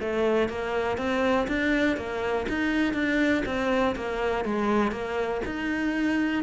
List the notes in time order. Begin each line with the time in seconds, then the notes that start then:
0.00 A3
0.49 A#3
0.98 C4
1.48 D4
1.97 A#3
2.49 D#4
2.94 D4
3.46 C4
3.96 A#3
4.45 G#3
4.92 A#3
5.46 D#4